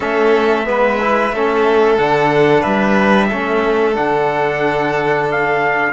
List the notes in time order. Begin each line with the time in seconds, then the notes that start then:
0.00 A3 C#4 A4 E5
0.65 G#3 B3 B4
1.01 E4
1.31 A3 C#4 A4
1.98 D3 D4 F#5
2.61 G3 B4 E5
3.28 A3 C#4 A4
3.94 D3 D4 F#5
5.30 F5